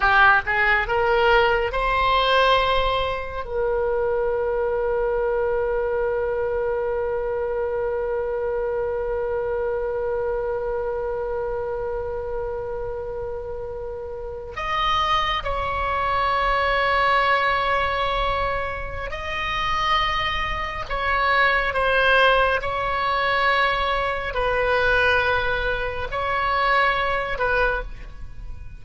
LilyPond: \new Staff \with { instrumentName = "oboe" } { \time 4/4 \tempo 4 = 69 g'8 gis'8 ais'4 c''2 | ais'1~ | ais'1~ | ais'1~ |
ais'8. dis''4 cis''2~ cis''16~ | cis''2 dis''2 | cis''4 c''4 cis''2 | b'2 cis''4. b'8 | }